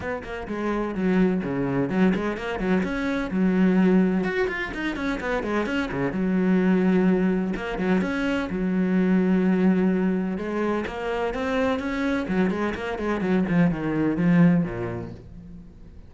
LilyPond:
\new Staff \with { instrumentName = "cello" } { \time 4/4 \tempo 4 = 127 b8 ais8 gis4 fis4 cis4 | fis8 gis8 ais8 fis8 cis'4 fis4~ | fis4 fis'8 f'8 dis'8 cis'8 b8 gis8 | cis'8 cis8 fis2. |
ais8 fis8 cis'4 fis2~ | fis2 gis4 ais4 | c'4 cis'4 fis8 gis8 ais8 gis8 | fis8 f8 dis4 f4 ais,4 | }